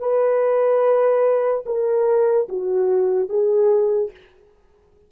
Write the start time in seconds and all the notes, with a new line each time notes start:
0.00 B4
1.66 A#4
2.49 F#4
3.29 G#4